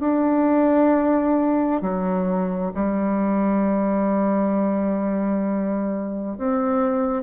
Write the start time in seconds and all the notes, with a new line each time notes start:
0.00 D4
1.81 F#3
2.74 G3
6.38 C4